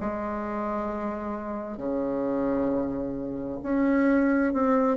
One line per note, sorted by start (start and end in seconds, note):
0.00 1.77 G#3
1.77 3.59 C#3
3.62 4.53 C#4
4.53 4.97 C4